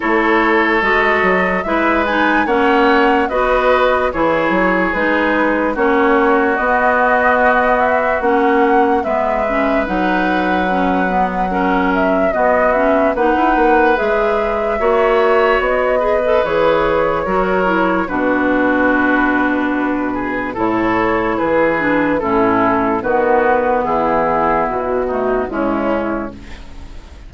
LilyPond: <<
  \new Staff \with { instrumentName = "flute" } { \time 4/4 \tempo 4 = 73 cis''4 dis''4 e''8 gis''8 fis''4 | dis''4 cis''4 b'4 cis''4 | dis''4. e''8 fis''4 e''4 | fis''2~ fis''8 e''8 dis''8 e''8 |
fis''4 e''2 dis''4 | cis''2 b'2~ | b'4 cis''4 b'4 a'4 | b'4 gis'4 fis'4 e'4 | }
  \new Staff \with { instrumentName = "oboe" } { \time 4/4 a'2 b'4 cis''4 | b'4 gis'2 fis'4~ | fis'2. b'4~ | b'2 ais'4 fis'4 |
b'2 cis''4. b'8~ | b'4 ais'4 fis'2~ | fis'8 gis'8 a'4 gis'4 e'4 | fis'4 e'4. dis'8 cis'4 | }
  \new Staff \with { instrumentName = "clarinet" } { \time 4/4 e'4 fis'4 e'8 dis'8 cis'4 | fis'4 e'4 dis'4 cis'4 | b2 cis'4 b8 cis'8 | dis'4 cis'8 b8 cis'4 b8 cis'8 |
dis'4 gis'4 fis'4. gis'16 a'16 | gis'4 fis'8 e'8 d'2~ | d'4 e'4. d'8 cis'4 | b2~ b8 a8 gis4 | }
  \new Staff \with { instrumentName = "bassoon" } { \time 4/4 a4 gis8 fis8 gis4 ais4 | b4 e8 fis8 gis4 ais4 | b2 ais4 gis4 | fis2. b4 |
ais16 e'16 ais8 gis4 ais4 b4 | e4 fis4 b,2~ | b,4 a,4 e4 a,4 | dis4 e4 b,4 cis4 | }
>>